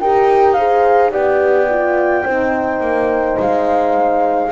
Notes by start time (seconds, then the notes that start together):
0.00 D#4 G4 A#4 G5
0.54 G#4 C5 F5
1.11 B3 G4 D5 G5
1.70 F4
2.25 C4 D#4 C5
2.80 A#3
3.39 G#3 F5